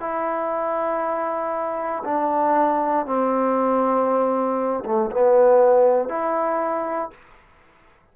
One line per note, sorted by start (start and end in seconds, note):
0.00 2.03 E4
2.04 3.06 D4
3.06 4.84 C4
4.85 5.11 A3
5.11 6.09 B3
6.09 7.10 E4